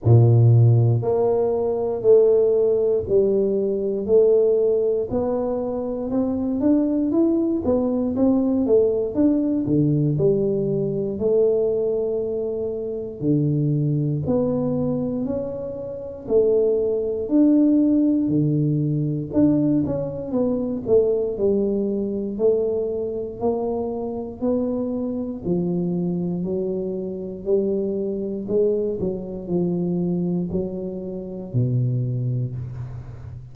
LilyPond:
\new Staff \with { instrumentName = "tuba" } { \time 4/4 \tempo 4 = 59 ais,4 ais4 a4 g4 | a4 b4 c'8 d'8 e'8 b8 | c'8 a8 d'8 d8 g4 a4~ | a4 d4 b4 cis'4 |
a4 d'4 d4 d'8 cis'8 | b8 a8 g4 a4 ais4 | b4 f4 fis4 g4 | gis8 fis8 f4 fis4 b,4 | }